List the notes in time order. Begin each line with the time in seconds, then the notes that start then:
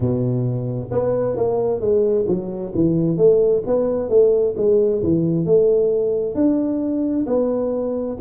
0.00 B2
0.91 B3
1.36 A#3
1.80 G#3
2.27 F#3
2.74 E3
3.17 A3
3.66 B3
4.09 A3
4.57 G#3
5.02 E3
5.45 A3
6.34 D4
7.26 B3